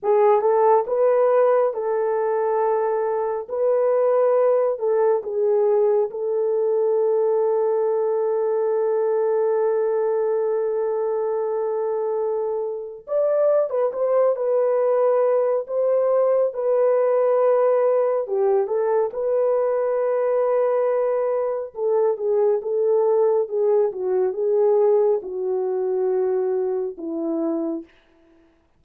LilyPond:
\new Staff \with { instrumentName = "horn" } { \time 4/4 \tempo 4 = 69 gis'8 a'8 b'4 a'2 | b'4. a'8 gis'4 a'4~ | a'1~ | a'2. d''8. b'16 |
c''8 b'4. c''4 b'4~ | b'4 g'8 a'8 b'2~ | b'4 a'8 gis'8 a'4 gis'8 fis'8 | gis'4 fis'2 e'4 | }